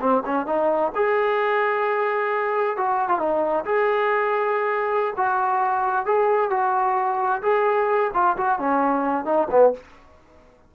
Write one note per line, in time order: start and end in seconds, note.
0.00 0.23 C4
0.25 0.46 C#4
0.46 0.92 D#4
0.95 2.77 G#4
2.77 3.08 F#4
3.08 3.19 F4
3.19 3.65 D#4
3.65 5.14 G#4
5.17 6.06 F#4
6.06 6.50 G#4
6.50 7.42 F#4
7.42 8.11 G#4
8.13 8.36 F4
8.37 8.59 F#4
8.59 9.25 C#4
9.25 9.48 D#4
9.50 9.73 B3